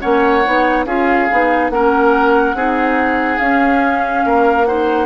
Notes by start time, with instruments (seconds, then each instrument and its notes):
0.00 bassoon A#3, clarinet C#4, oboe C#5, flute F#5
0.45 bassoon B3, clarinet D#4
0.86 bassoon C#4, clarinet F4, oboe G#4, flute F5
1.31 bassoon B3, clarinet D#4
1.70 bassoon A#3, clarinet C#4, oboe A#4, flute F#5
2.54 bassoon C4, clarinet D#4, oboe G#4
3.39 bassoon C#4, clarinet C#4, flute F5
4.25 bassoon A#3, oboe A#4
4.65 clarinet D#4, oboe C5, flute F#5